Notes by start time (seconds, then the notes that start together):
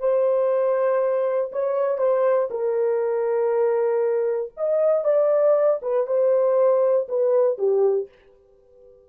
0.00 C5
1.53 C#5
1.99 C5
2.51 A#4
4.57 D#5
5.05 D5
5.82 B4
6.07 C5
7.09 B4
7.58 G4